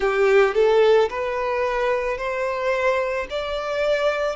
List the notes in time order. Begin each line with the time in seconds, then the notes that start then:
0.00 G4
0.54 A4
1.09 B4
2.17 C5
3.30 D5